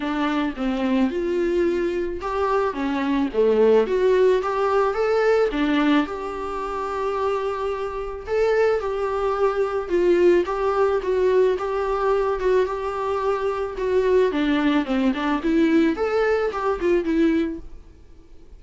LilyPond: \new Staff \with { instrumentName = "viola" } { \time 4/4 \tempo 4 = 109 d'4 c'4 f'2 | g'4 cis'4 a4 fis'4 | g'4 a'4 d'4 g'4~ | g'2. a'4 |
g'2 f'4 g'4 | fis'4 g'4. fis'8 g'4~ | g'4 fis'4 d'4 c'8 d'8 | e'4 a'4 g'8 f'8 e'4 | }